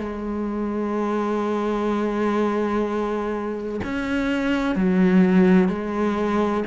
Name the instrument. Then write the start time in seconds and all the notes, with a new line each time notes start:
cello
0.00 G#3
3.84 C#4
4.76 F#3
5.69 G#3